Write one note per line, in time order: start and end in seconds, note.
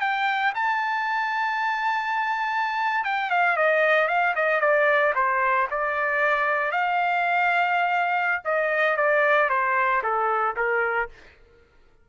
0.00 0.53 G5
0.55 3.04 A5
3.04 3.30 G5
3.30 3.56 F5
3.56 4.07 D#5
4.07 4.34 F5
4.35 4.61 D#5
4.61 5.13 D5
5.15 5.67 C5
5.71 6.71 D5
6.71 8.42 F5
8.44 8.97 D#5
8.97 9.49 D5
9.49 10.02 C5
10.03 10.55 A4
10.56 11.09 A#4